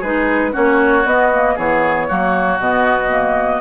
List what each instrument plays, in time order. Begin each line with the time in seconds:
0.00 bassoon G#3, clarinet D#4, oboe G#4, flute B4
0.52 bassoon A#3, clarinet C#4, oboe F#4, flute C#5
1.05 bassoon B3, clarinet B3, flute D#5
1.33 clarinet A#3
1.55 bassoon E3, clarinet B3, oboe G#4, flute C#5
2.08 bassoon F#3, clarinet A#3, oboe F#4
2.59 bassoon B2, clarinet B3, flute D#5
3.10 clarinet A#3